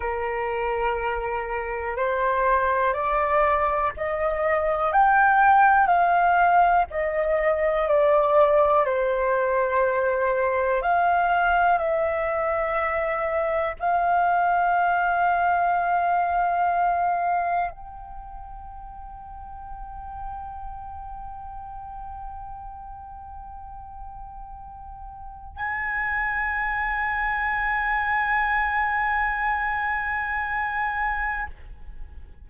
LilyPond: \new Staff \with { instrumentName = "flute" } { \time 4/4 \tempo 4 = 61 ais'2 c''4 d''4 | dis''4 g''4 f''4 dis''4 | d''4 c''2 f''4 | e''2 f''2~ |
f''2 g''2~ | g''1~ | g''2 gis''2~ | gis''1 | }